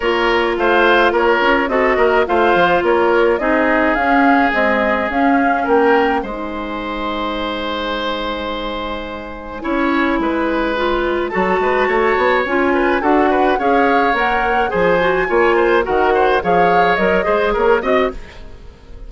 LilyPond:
<<
  \new Staff \with { instrumentName = "flute" } { \time 4/4 \tempo 4 = 106 cis''4 f''4 cis''4 dis''4 | f''4 cis''4 dis''4 f''4 | dis''4 f''4 g''4 gis''4~ | gis''1~ |
gis''1 | a''2 gis''4 fis''4 | f''4 fis''4 gis''2 | fis''4 f''4 dis''4 cis''8 dis''8 | }
  \new Staff \with { instrumentName = "oboe" } { \time 4/4 ais'4 c''4 ais'4 a'8 ais'8 | c''4 ais'4 gis'2~ | gis'2 ais'4 c''4~ | c''1~ |
c''4 cis''4 b'2 | a'8 b'8 cis''4. b'8 a'8 b'8 | cis''2 c''4 cis''8 c''8 | ais'8 c''8 cis''4. c''8 ais'8 dis''8 | }
  \new Staff \with { instrumentName = "clarinet" } { \time 4/4 f'2. fis'4 | f'2 dis'4 cis'4 | gis4 cis'2 dis'4~ | dis'1~ |
dis'4 e'2 f'4 | fis'2 f'4 fis'4 | gis'4 ais'4 gis'8 fis'8 f'4 | fis'4 gis'4 ais'8 gis'4 fis'8 | }
  \new Staff \with { instrumentName = "bassoon" } { \time 4/4 ais4 a4 ais8 cis'8 c'8 ais8 | a8 f8 ais4 c'4 cis'4 | c'4 cis'4 ais4 gis4~ | gis1~ |
gis4 cis'4 gis2 | fis8 gis8 a8 b8 cis'4 d'4 | cis'4 ais4 f4 ais4 | dis4 f4 fis8 gis8 ais8 c'8 | }
>>